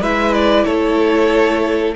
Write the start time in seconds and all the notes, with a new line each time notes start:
0.00 G#3 E4 B4 E5
0.33 D5
0.65 A3 A4 C#5